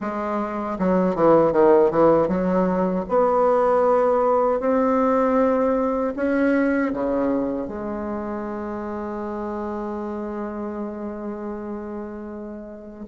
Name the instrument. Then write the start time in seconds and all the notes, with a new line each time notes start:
bassoon
0.00 G#3
0.79 F#3
1.15 E3
1.52 D#3
1.91 E3
2.28 F#3
3.08 B3
4.60 C4
6.15 C#4
6.93 C#3
7.67 G#3